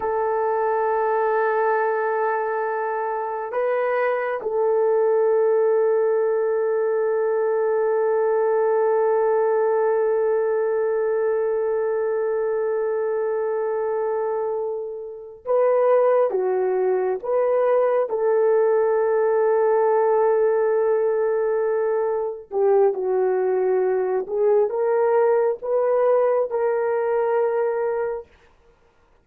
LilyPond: \new Staff \with { instrumentName = "horn" } { \time 4/4 \tempo 4 = 68 a'1 | b'4 a'2.~ | a'1~ | a'1~ |
a'4. b'4 fis'4 b'8~ | b'8 a'2.~ a'8~ | a'4. g'8 fis'4. gis'8 | ais'4 b'4 ais'2 | }